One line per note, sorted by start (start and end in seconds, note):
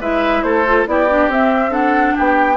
0.00 0.43 G#3
0.00 0.67 E4
0.00 0.44 B4
0.00 0.43 E5
0.43 0.86 A3
0.43 0.88 A4
0.43 0.86 C5
0.67 0.87 F4
0.87 1.28 B3
0.87 1.08 E4
0.87 1.71 G4
0.87 1.31 D5
1.09 1.31 D4
1.28 2.14 C4
1.28 1.71 C4
1.28 1.74 E5
1.71 2.56 D4
1.71 2.14 A4
1.71 2.17 F#5
2.16 2.58 B3
2.16 2.58 G4
2.16 2.58 G5